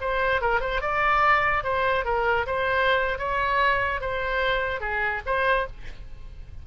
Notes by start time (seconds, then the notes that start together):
0.00 C5
0.41 A#4
0.60 C5
0.81 D5
1.63 C5
2.05 A#4
2.46 C5
3.18 C#5
4.01 C5
4.80 G#4
5.25 C5